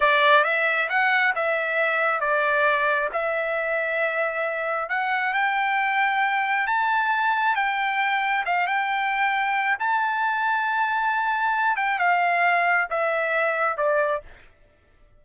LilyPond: \new Staff \with { instrumentName = "trumpet" } { \time 4/4 \tempo 4 = 135 d''4 e''4 fis''4 e''4~ | e''4 d''2 e''4~ | e''2. fis''4 | g''2. a''4~ |
a''4 g''2 f''8 g''8~ | g''2 a''2~ | a''2~ a''8 g''8 f''4~ | f''4 e''2 d''4 | }